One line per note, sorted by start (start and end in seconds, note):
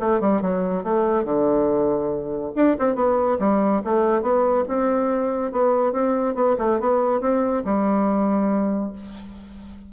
0.00 0.20 A3
0.20 0.42 G3
0.42 0.84 F#3
0.84 1.25 A3
1.25 2.52 D3
2.56 2.77 D4
2.79 2.95 C4
2.95 3.38 B3
3.39 3.82 G3
3.84 4.22 A3
4.22 4.65 B3
4.68 5.52 C4
5.52 5.93 B3
5.93 6.35 C4
6.35 6.56 B3
6.59 6.80 A3
6.80 7.21 B3
7.21 7.63 C4
7.65 8.93 G3